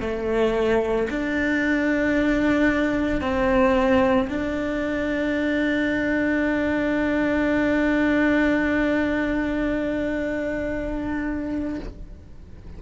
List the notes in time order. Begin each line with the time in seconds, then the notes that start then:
0.00 A3
1.10 D4
3.20 C4
4.29 D4